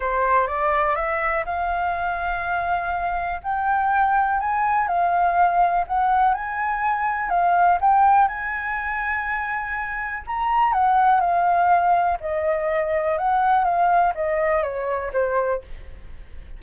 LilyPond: \new Staff \with { instrumentName = "flute" } { \time 4/4 \tempo 4 = 123 c''4 d''4 e''4 f''4~ | f''2. g''4~ | g''4 gis''4 f''2 | fis''4 gis''2 f''4 |
g''4 gis''2.~ | gis''4 ais''4 fis''4 f''4~ | f''4 dis''2 fis''4 | f''4 dis''4 cis''4 c''4 | }